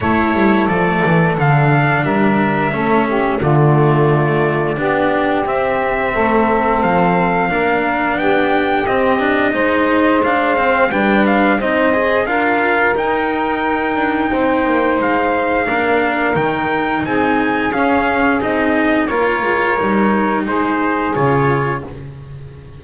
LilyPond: <<
  \new Staff \with { instrumentName = "trumpet" } { \time 4/4 \tempo 4 = 88 cis''4 d''4 f''4 e''4~ | e''4 d''2. | e''2 f''2 | g''4 dis''2 f''4 |
g''8 f''8 dis''4 f''4 g''4~ | g''2 f''2 | g''4 gis''4 f''4 dis''4 | cis''2 c''4 cis''4 | }
  \new Staff \with { instrumentName = "saxophone" } { \time 4/4 a'2. ais'4 | a'8 g'8 f'2 g'4~ | g'4 a'2 ais'4 | g'2 c''2 |
b'4 c''4 ais'2~ | ais'4 c''2 ais'4~ | ais'4 gis'2. | ais'2 gis'2 | }
  \new Staff \with { instrumentName = "cello" } { \time 4/4 e'4 a4 d'2 | cis'4 a2 d'4 | c'2. d'4~ | d'4 c'8 d'8 dis'4 d'8 c'8 |
d'4 dis'8 gis'8 f'4 dis'4~ | dis'2. d'4 | dis'2 cis'4 dis'4 | f'4 dis'2 f'4 | }
  \new Staff \with { instrumentName = "double bass" } { \time 4/4 a8 g8 f8 e8 d4 g4 | a4 d2 b4 | c'4 a4 f4 ais4 | b4 c'4 gis2 |
g4 c'4 d'4 dis'4~ | dis'8 d'8 c'8 ais8 gis4 ais4 | dis4 c'4 cis'4 c'4 | ais8 gis8 g4 gis4 cis4 | }
>>